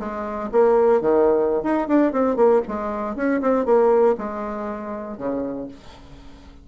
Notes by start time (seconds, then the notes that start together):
0.00 G#3
0.52 A#3
1.02 D#3
1.64 D#4
1.88 D4
2.12 C4
2.37 A#3
2.68 G#3
3.16 C#4
3.42 C4
3.66 A#3
4.18 G#3
5.18 C#3